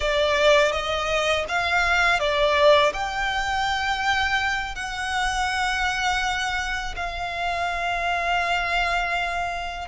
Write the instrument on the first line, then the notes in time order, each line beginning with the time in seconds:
violin
0.00 D5
0.72 D#5
1.48 F5
2.19 D5
2.93 G5
4.75 F#5
6.95 F5